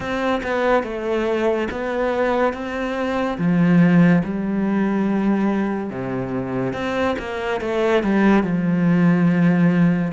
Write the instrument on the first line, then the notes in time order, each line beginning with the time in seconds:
cello
0.00 C4
0.43 B3
0.83 A3
1.71 B3
2.53 C4
3.38 F3
4.24 G3
5.90 C3
6.73 C4
7.18 A#3
7.61 A3
8.03 G3
8.43 F3